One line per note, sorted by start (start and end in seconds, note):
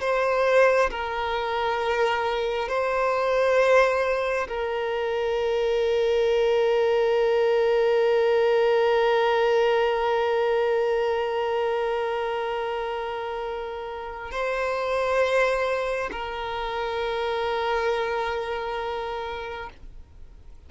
0.00 0.90 C5
0.90 2.68 A#4
2.68 4.47 C5
4.48 14.31 A#4
14.31 16.10 C5
16.11 19.69 A#4